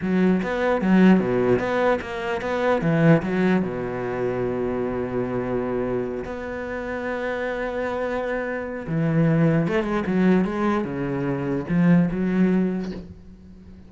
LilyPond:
\new Staff \with { instrumentName = "cello" } { \time 4/4 \tempo 4 = 149 fis4 b4 fis4 b,4 | b4 ais4 b4 e4 | fis4 b,2.~ | b,2.~ b,8 b8~ |
b1~ | b2 e2 | a8 gis8 fis4 gis4 cis4~ | cis4 f4 fis2 | }